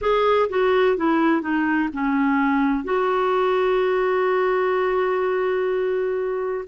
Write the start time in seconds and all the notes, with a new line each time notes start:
0.01 G#4
0.48 F#4
0.96 E4
1.41 D#4
1.92 C#4
2.84 F#4